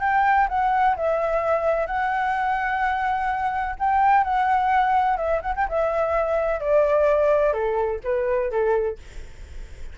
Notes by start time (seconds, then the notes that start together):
0.00 G5
0.49 F#5
0.96 E5
1.87 F#5
3.79 G5
4.24 F#5
5.17 E5
5.42 F#5
5.56 G5
5.69 E5
6.60 D5
7.53 A4
8.04 B4
8.51 A4